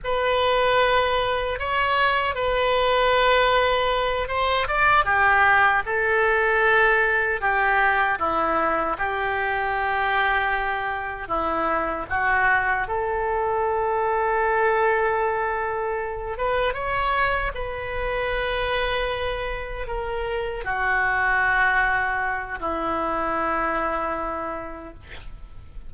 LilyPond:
\new Staff \with { instrumentName = "oboe" } { \time 4/4 \tempo 4 = 77 b'2 cis''4 b'4~ | b'4. c''8 d''8 g'4 a'8~ | a'4. g'4 e'4 g'8~ | g'2~ g'8 e'4 fis'8~ |
fis'8 a'2.~ a'8~ | a'4 b'8 cis''4 b'4.~ | b'4. ais'4 fis'4.~ | fis'4 e'2. | }